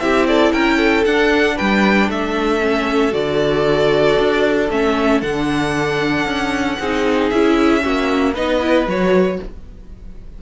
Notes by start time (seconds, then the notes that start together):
0.00 C4 E4 G4 E5
0.28 A4 D5
0.53 C#4 A#4 G5
0.77 A4
1.06 D4 F#5
1.56 G3 B4 G5
2.09 A3 A4 E5
2.61 C#4
3.11 D3 F#4 D5
4.19 D4
4.70 A3 C#4 E5
5.21 D3 D4 F#5
6.26 C#4
6.79 C4 D#4 G#4
7.30 C#4 E4 E5
7.81 A#3 C#4 F#4
8.34 B3 D#4 B4 D#5
8.61 E4
8.87 F#3 F#4 C#5